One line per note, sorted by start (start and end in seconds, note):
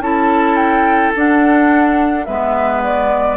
0.00 1.12 C#4
0.00 1.15 E4
0.00 2.27 A4
0.00 0.56 A5
0.56 1.12 G5
1.16 2.28 D4
1.16 2.26 F#5
2.26 3.37 G#3
2.26 3.37 B3
2.26 3.37 B4
2.26 2.82 E5
2.84 3.37 D5